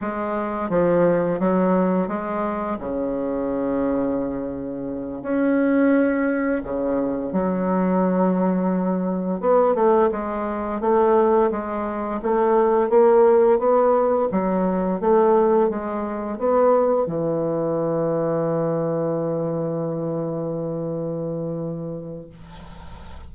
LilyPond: \new Staff \with { instrumentName = "bassoon" } { \time 4/4 \tempo 4 = 86 gis4 f4 fis4 gis4 | cis2.~ cis8 cis'8~ | cis'4. cis4 fis4.~ | fis4. b8 a8 gis4 a8~ |
a8 gis4 a4 ais4 b8~ | b8 fis4 a4 gis4 b8~ | b8 e2.~ e8~ | e1 | }